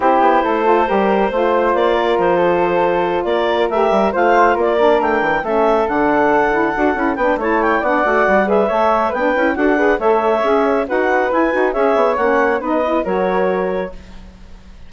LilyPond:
<<
  \new Staff \with { instrumentName = "clarinet" } { \time 4/4 \tempo 4 = 138 c''1 | d''4 c''2~ c''8 d''8~ | d''8 e''4 f''4 d''4 g''8~ | g''8 e''4 fis''2~ fis''8~ |
fis''8 g''8 a''8 g''8 fis''4. e''8~ | e''4 g''4 fis''4 e''4~ | e''4 fis''4 gis''4 e''4 | fis''4 dis''4 cis''2 | }
  \new Staff \with { instrumentName = "flute" } { \time 4/4 g'4 a'4 ais'4 c''4~ | c''8 ais'4 a'2 ais'8~ | ais'4. c''4 ais'4.~ | ais'8 a'2.~ a'8~ |
a'8 b'8 cis''4 d''4. b'8 | cis''4 b'4 a'8 b'8 cis''4~ | cis''4 b'2 cis''4~ | cis''4 b'4 ais'2 | }
  \new Staff \with { instrumentName = "saxophone" } { \time 4/4 e'4. f'8 g'4 f'4~ | f'1~ | f'8 g'4 f'4. d'4~ | d'8 cis'4 d'4. e'8 fis'8 |
e'8 d'8 e'4 d'8 fis'4 gis'8 | a'4 d'8 e'8 fis'8 gis'8 a'4 | gis'4 fis'4 e'8 fis'8 gis'4 | cis'4 dis'8 e'8 fis'2 | }
  \new Staff \with { instrumentName = "bassoon" } { \time 4/4 c'8 b8 a4 g4 a4 | ais4 f2~ f8 ais8~ | ais8 a8 g8 a4 ais4 a8 | e8 a4 d2 d'8 |
cis'8 b8 a4 b8 a8 g4 | a4 b8 cis'8 d'4 a4 | cis'4 dis'4 e'8 dis'8 cis'8 b8 | ais4 b4 fis2 | }
>>